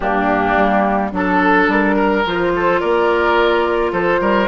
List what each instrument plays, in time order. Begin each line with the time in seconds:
0.00 bassoon G2, clarinet A#3, oboe D4, flute G4
0.56 bassoon G3
1.12 bassoon F#3, clarinet D4, flute A4, oboe A4
1.68 bassoon G3, flute A#4
1.95 oboe A#4
2.25 bassoon F3, clarinet F4, flute C5
2.55 oboe A4
2.79 bassoon A#3, oboe A#4, flute D5
3.92 bassoon F3, oboe A4, flute C5
4.20 bassoon G3, oboe A#4